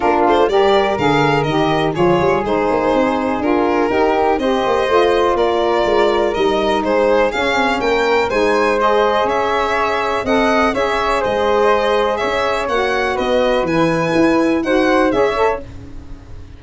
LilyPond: <<
  \new Staff \with { instrumentName = "violin" } { \time 4/4 \tempo 4 = 123 ais'8 c''8 d''4 f''4 dis''4 | cis''4 c''2 ais'4~ | ais'4 dis''2 d''4~ | d''4 dis''4 c''4 f''4 |
g''4 gis''4 dis''4 e''4~ | e''4 fis''4 e''4 dis''4~ | dis''4 e''4 fis''4 dis''4 | gis''2 fis''4 e''4 | }
  \new Staff \with { instrumentName = "flute" } { \time 4/4 f'4 ais'2. | gis'1 | g'4 c''2 ais'4~ | ais'2 gis'2 |
ais'4 c''2 cis''4~ | cis''4 dis''4 cis''4 c''4~ | c''4 cis''2 b'4~ | b'2 c''4 cis''4 | }
  \new Staff \with { instrumentName = "saxophone" } { \time 4/4 d'4 g'4 gis'4 g'4 | f'4 dis'2 f'4 | dis'4 g'4 f'2~ | f'4 dis'2 cis'4~ |
cis'4 dis'4 gis'2~ | gis'4 a'4 gis'2~ | gis'2 fis'2 | e'2 fis'4 gis'8 a'8 | }
  \new Staff \with { instrumentName = "tuba" } { \time 4/4 ais8 a8 g4 d4 dis4 | f8 g8 gis8 ais8 c'4 d'4 | dis'4 c'8 ais8 a4 ais4 | gis4 g4 gis4 cis'8 c'8 |
ais4 gis2 cis'4~ | cis'4 c'4 cis'4 gis4~ | gis4 cis'4 ais4 b4 | e4 e'4 dis'4 cis'4 | }
>>